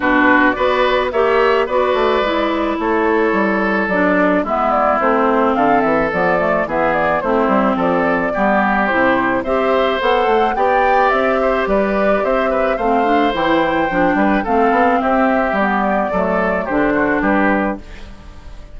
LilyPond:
<<
  \new Staff \with { instrumentName = "flute" } { \time 4/4 \tempo 4 = 108 b'4 d''4 e''4 d''4~ | d''4 cis''2 d''4 | e''8 d''8 c''4 f''8 e''8 d''4 | e''8 d''8 c''4 d''2 |
c''4 e''4 fis''4 g''4 | e''4 d''4 e''4 f''4 | g''2 f''4 e''4 | d''2 c''4 b'4 | }
  \new Staff \with { instrumentName = "oboe" } { \time 4/4 fis'4 b'4 cis''4 b'4~ | b'4 a'2. | e'2 a'2 | gis'4 e'4 a'4 g'4~ |
g'4 c''2 d''4~ | d''8 c''8 b'4 c''8 b'8 c''4~ | c''4. b'8 a'4 g'4~ | g'4 a'4 g'8 fis'8 g'4 | }
  \new Staff \with { instrumentName = "clarinet" } { \time 4/4 d'4 fis'4 g'4 fis'4 | e'2. d'4 | b4 c'2 b8 a8 | b4 c'2 b4 |
e'4 g'4 a'4 g'4~ | g'2. c'8 d'8 | e'4 d'4 c'2 | b4 a4 d'2 | }
  \new Staff \with { instrumentName = "bassoon" } { \time 4/4 b,4 b4 ais4 b8 a8 | gis4 a4 g4 fis4 | gis4 a4 d8 e8 f4 | e4 a8 g8 f4 g4 |
c4 c'4 b8 a8 b4 | c'4 g4 c'4 a4 | e4 f8 g8 a8 b8 c'4 | g4 fis4 d4 g4 | }
>>